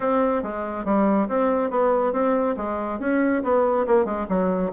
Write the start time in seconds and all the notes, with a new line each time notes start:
0.00 C4
0.42 G#3
0.85 G3
1.28 C4
1.70 B3
2.12 C4
2.56 G#3
2.99 C#4
3.43 B3
3.86 A#3
4.05 G#3
4.28 F#3